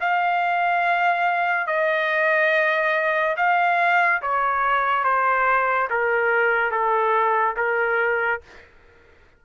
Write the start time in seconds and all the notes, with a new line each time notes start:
0.00 F5
1.67 D#5
3.37 F5
4.22 C#5
5.04 C5
5.90 A#4
6.71 A4
7.56 A#4